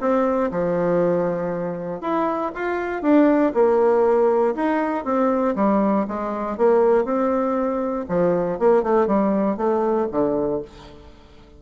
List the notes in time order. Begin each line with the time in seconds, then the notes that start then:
0.00 C4
0.51 F3
2.01 E4
2.54 F4
3.02 D4
3.54 A#3
4.55 D#4
5.04 C4
5.55 G3
6.07 G#3
6.57 A#3
7.05 C4
8.08 F3
8.59 A#3
8.83 A3
9.07 G3
9.57 A3
10.11 D3